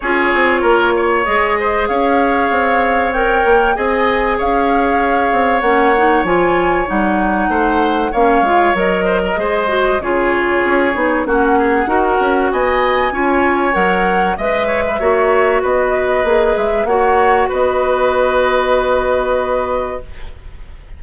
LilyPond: <<
  \new Staff \with { instrumentName = "flute" } { \time 4/4 \tempo 4 = 96 cis''2 dis''4 f''4~ | f''4 g''4 gis''4 f''4~ | f''4 fis''4 gis''4 fis''4~ | fis''4 f''4 dis''2 |
cis''2 fis''2 | gis''2 fis''4 e''4~ | e''4 dis''4. e''8 fis''4 | dis''1 | }
  \new Staff \with { instrumentName = "oboe" } { \time 4/4 gis'4 ais'8 cis''4 c''8 cis''4~ | cis''2 dis''4 cis''4~ | cis''1 | c''4 cis''4. c''16 ais'16 c''4 |
gis'2 fis'8 gis'8 ais'4 | dis''4 cis''2 dis''8 cis''16 b'16 | cis''4 b'2 cis''4 | b'1 | }
  \new Staff \with { instrumentName = "clarinet" } { \time 4/4 f'2 gis'2~ | gis'4 ais'4 gis'2~ | gis'4 cis'8 dis'8 f'4 dis'4~ | dis'4 cis'8 f'8 ais'4 gis'8 fis'8 |
f'4. dis'8 cis'4 fis'4~ | fis'4 f'4 ais'4 b'4 | fis'2 gis'4 fis'4~ | fis'1 | }
  \new Staff \with { instrumentName = "bassoon" } { \time 4/4 cis'8 c'8 ais4 gis4 cis'4 | c'4. ais8 c'4 cis'4~ | cis'8 c'8 ais4 f4 g4 | a4 ais8 gis8 fis4 gis4 |
cis4 cis'8 b8 ais4 dis'8 cis'8 | b4 cis'4 fis4 gis4 | ais4 b4 ais8 gis8 ais4 | b1 | }
>>